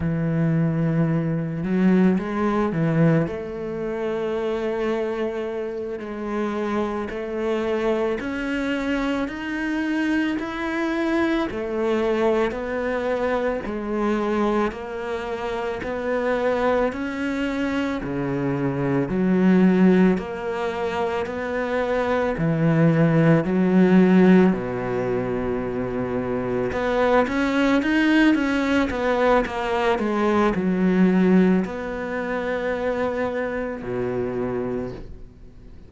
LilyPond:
\new Staff \with { instrumentName = "cello" } { \time 4/4 \tempo 4 = 55 e4. fis8 gis8 e8 a4~ | a4. gis4 a4 cis'8~ | cis'8 dis'4 e'4 a4 b8~ | b8 gis4 ais4 b4 cis'8~ |
cis'8 cis4 fis4 ais4 b8~ | b8 e4 fis4 b,4.~ | b,8 b8 cis'8 dis'8 cis'8 b8 ais8 gis8 | fis4 b2 b,4 | }